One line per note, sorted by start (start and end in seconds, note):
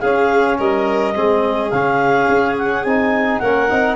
0.00 0.59 C#4
0.00 1.14 C#4
0.00 0.58 G#4
0.00 0.57 F5
0.58 1.16 G3
0.58 1.14 A#4
0.58 1.70 D#5
1.14 1.71 G#3
1.14 1.71 C4
1.14 3.40 G#4
1.70 2.28 C#3
1.70 2.86 C#4
1.70 2.55 F5
2.28 2.84 C#4
2.58 2.84 F#5
2.84 3.41 C4
2.84 3.43 D#4
2.84 3.39 G#5
3.39 3.70 A#3
3.39 3.69 C#4
3.39 3.96 A#4
3.39 3.96 F#5
3.69 3.96 C4
3.69 3.96 D#4